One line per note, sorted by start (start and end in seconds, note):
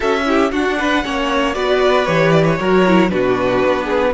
0.00 0.52 C#4
0.00 0.23 F#4
0.00 0.22 A4
0.00 0.51 E5
0.25 0.51 E4
0.25 0.52 G4
0.51 1.03 D4
0.51 1.04 D4
0.51 0.78 F#4
0.51 1.53 F#5
0.78 1.04 B4
1.04 1.55 A#3
1.04 1.54 C#4
1.04 1.55 C#5
1.53 2.07 B3
1.53 2.05 F#4
1.53 2.58 B4
1.53 2.05 D5
2.05 2.59 E3
2.05 2.58 G4
2.05 2.31 C#5
2.31 2.44 D5
2.45 3.09 C#5
2.59 3.11 F#3
2.59 2.85 F#4
2.59 3.10 A#4
2.87 3.10 E4
3.09 3.63 B2
3.09 4.13 D4
3.09 3.84 F#4
3.09 4.13 B4
3.64 4.14 B3
3.84 4.10 G#4